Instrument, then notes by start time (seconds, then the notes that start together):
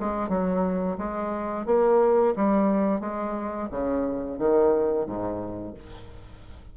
bassoon
0.00 G#3
0.29 F#3
0.98 G#3
1.66 A#3
2.36 G3
3.00 G#3
3.71 C#3
4.39 D#3
5.06 G#2